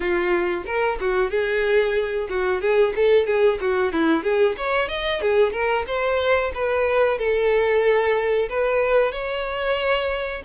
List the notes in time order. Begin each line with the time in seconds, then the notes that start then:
0.00 F4
0.66 A#4
1.00 F#4
1.30 G#4
2.29 F#4
2.61 G#4
2.95 A4
3.26 G#4
3.60 F#4
3.92 E4
4.23 G#4
4.57 C#5
4.88 D#5
5.21 G#4
5.52 A#4
5.87 C5
6.54 B4
7.18 A4
8.49 B4
9.12 C#5